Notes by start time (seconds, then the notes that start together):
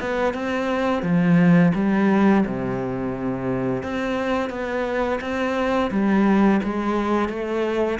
0.00 B3
0.34 C4
1.02 F3
1.75 G3
2.46 C3
3.83 C4
4.50 B3
5.21 C4
5.91 G3
6.63 G#3
7.29 A3